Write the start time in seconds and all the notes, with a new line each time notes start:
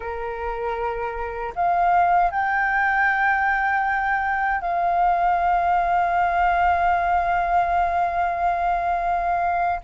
0.00 A#4
1.55 F5
2.30 G5
4.61 F5